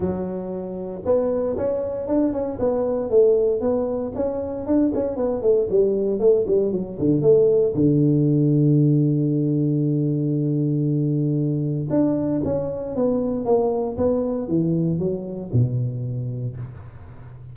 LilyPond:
\new Staff \with { instrumentName = "tuba" } { \time 4/4 \tempo 4 = 116 fis2 b4 cis'4 | d'8 cis'8 b4 a4 b4 | cis'4 d'8 cis'8 b8 a8 g4 | a8 g8 fis8 d8 a4 d4~ |
d1~ | d2. d'4 | cis'4 b4 ais4 b4 | e4 fis4 b,2 | }